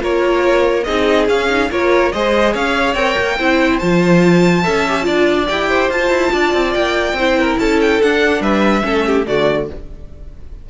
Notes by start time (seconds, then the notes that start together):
0.00 A#3 F4 A#4 C#5
0.84 C4 D#4 G#4 D#5
1.28 C#4 F5
1.49 D#4
1.70 A#3 F4 A#4 C#5
2.12 G#3 G#4 C5 D#5
2.53 C#4 C#5 F5
2.94 C4 A#4 G5
3.18 A#3
3.39 C4 E4 C5
3.79 F3 F4 A5
4.63 C#4 A4 E5
4.89 G4
5.02 D4 F4 D5
5.48 E4 G4 G5
5.69 C5
5.90 F4 A5
6.10 E4
6.33 D4 D5
6.54 C4
6.74 A#3 G5
7.13 C4 C5
7.19 E4
7.39 A#4
7.59 C#4 A4 A5
7.81 G5
8.02 D4 F#5
8.41 G3 B4 E5
8.82 A3 C#4 A4
9.06 G4
9.27 D3 A3 F#4 D5